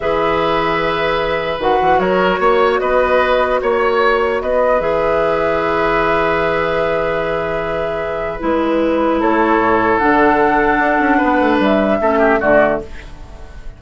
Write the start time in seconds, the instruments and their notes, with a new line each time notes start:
0.00 bassoon E3, clarinet G#4, oboe B4, flute E5
1.59 bassoon D#3, clarinet F#4, flute F#5
1.81 bassoon E3
1.99 bassoon F#3, oboe A#4, flute C#5
2.39 bassoon A#3, oboe C#5
2.79 bassoon B3, oboe B4, flute D#5
3.61 bassoon A#3, flute C#5, oboe C#5
4.41 bassoon B3, oboe B4, flute D#5
4.80 bassoon E3, clarinet G#4, flute E5
8.40 bassoon G#3, clarinet E4, flute B4
9.19 bassoon A3, oboe A4, flute C#5
9.58 bassoon A2
9.97 bassoon D3, clarinet D4, flute F#5
10.78 bassoon D4
10.99 bassoon C#4
11.17 bassoon B3, oboe B4
11.40 bassoon A3
11.59 bassoon G3, flute E5
12.00 bassoon A3, clarinet C#4, oboe A4
12.18 oboe G4
12.40 bassoon D3, clarinet A3, oboe F#4, flute D5